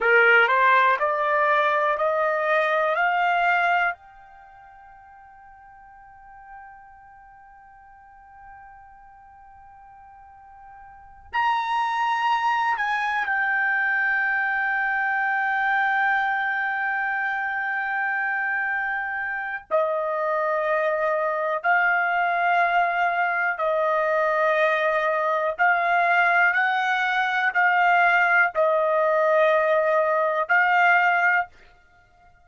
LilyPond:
\new Staff \with { instrumentName = "trumpet" } { \time 4/4 \tempo 4 = 61 ais'8 c''8 d''4 dis''4 f''4 | g''1~ | g''2.~ g''8 ais''8~ | ais''4 gis''8 g''2~ g''8~ |
g''1 | dis''2 f''2 | dis''2 f''4 fis''4 | f''4 dis''2 f''4 | }